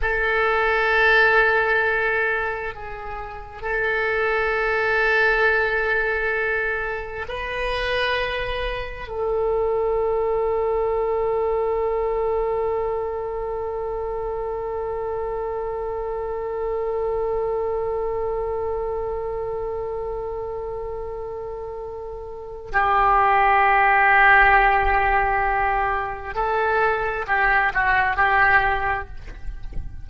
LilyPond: \new Staff \with { instrumentName = "oboe" } { \time 4/4 \tempo 4 = 66 a'2. gis'4 | a'1 | b'2 a'2~ | a'1~ |
a'1~ | a'1~ | a'4 g'2.~ | g'4 a'4 g'8 fis'8 g'4 | }